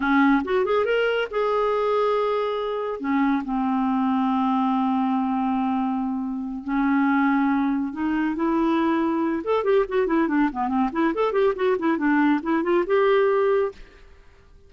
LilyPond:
\new Staff \with { instrumentName = "clarinet" } { \time 4/4 \tempo 4 = 140 cis'4 fis'8 gis'8 ais'4 gis'4~ | gis'2. cis'4 | c'1~ | c'2.~ c'8 cis'8~ |
cis'2~ cis'8 dis'4 e'8~ | e'2 a'8 g'8 fis'8 e'8 | d'8 b8 c'8 e'8 a'8 g'8 fis'8 e'8 | d'4 e'8 f'8 g'2 | }